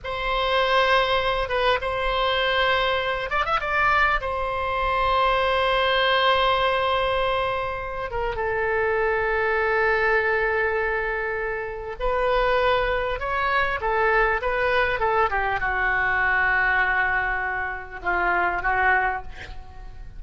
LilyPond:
\new Staff \with { instrumentName = "oboe" } { \time 4/4 \tempo 4 = 100 c''2~ c''8 b'8 c''4~ | c''4. d''16 e''16 d''4 c''4~ | c''1~ | c''4. ais'8 a'2~ |
a'1 | b'2 cis''4 a'4 | b'4 a'8 g'8 fis'2~ | fis'2 f'4 fis'4 | }